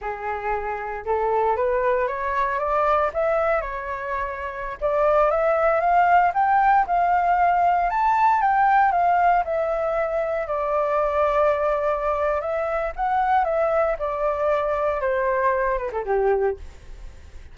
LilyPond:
\new Staff \with { instrumentName = "flute" } { \time 4/4 \tempo 4 = 116 gis'2 a'4 b'4 | cis''4 d''4 e''4 cis''4~ | cis''4~ cis''16 d''4 e''4 f''8.~ | f''16 g''4 f''2 a''8.~ |
a''16 g''4 f''4 e''4.~ e''16~ | e''16 d''2.~ d''8. | e''4 fis''4 e''4 d''4~ | d''4 c''4. b'16 a'16 g'4 | }